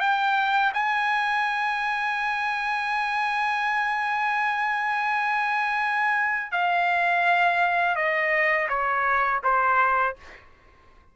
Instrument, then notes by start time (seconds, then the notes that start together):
trumpet
0.00 G5
0.74 G#5
6.52 F5
7.96 D#5
8.69 C#5
9.44 C5